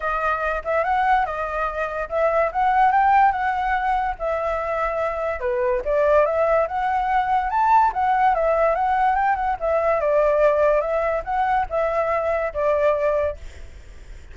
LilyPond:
\new Staff \with { instrumentName = "flute" } { \time 4/4 \tempo 4 = 144 dis''4. e''8 fis''4 dis''4~ | dis''4 e''4 fis''4 g''4 | fis''2 e''2~ | e''4 b'4 d''4 e''4 |
fis''2 a''4 fis''4 | e''4 fis''4 g''8 fis''8 e''4 | d''2 e''4 fis''4 | e''2 d''2 | }